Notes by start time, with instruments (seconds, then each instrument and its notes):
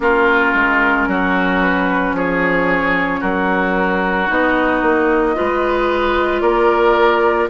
0.00 bassoon A#3, clarinet C#4, oboe F4, flute A#4
0.54 bassoon G#3
1.07 bassoon F#3, oboe F#4
1.61 flute B4
2.12 bassoon F3, oboe G#4, flute C#5
3.20 bassoon F#3, oboe F#4, flute A#4
4.28 bassoon B3, clarinet D#4, flute D#5
4.81 bassoon A#3
5.35 bassoon G#3, clarinet F4, oboe B4
6.40 bassoon A#3, oboe A#4, flute D5